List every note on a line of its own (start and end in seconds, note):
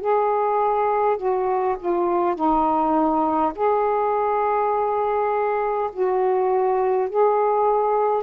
0.00 1.17 G#4
1.17 1.76 F#4
1.79 2.35 F4
2.35 3.52 D#4
3.55 5.90 G#4
5.93 7.09 F#4
7.09 8.23 G#4